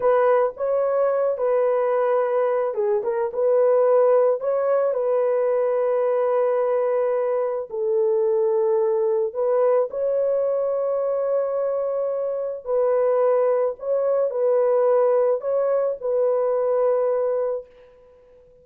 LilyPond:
\new Staff \with { instrumentName = "horn" } { \time 4/4 \tempo 4 = 109 b'4 cis''4. b'4.~ | b'4 gis'8 ais'8 b'2 | cis''4 b'2.~ | b'2 a'2~ |
a'4 b'4 cis''2~ | cis''2. b'4~ | b'4 cis''4 b'2 | cis''4 b'2. | }